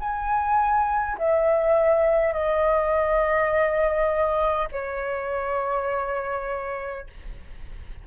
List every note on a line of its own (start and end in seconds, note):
0.00 1.18 G#5
1.18 2.33 E5
2.33 4.68 D#5
4.72 7.07 C#5